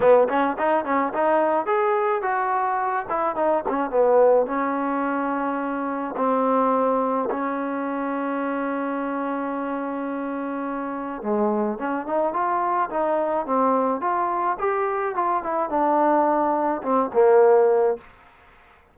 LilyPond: \new Staff \with { instrumentName = "trombone" } { \time 4/4 \tempo 4 = 107 b8 cis'8 dis'8 cis'8 dis'4 gis'4 | fis'4. e'8 dis'8 cis'8 b4 | cis'2. c'4~ | c'4 cis'2.~ |
cis'1 | gis4 cis'8 dis'8 f'4 dis'4 | c'4 f'4 g'4 f'8 e'8 | d'2 c'8 ais4. | }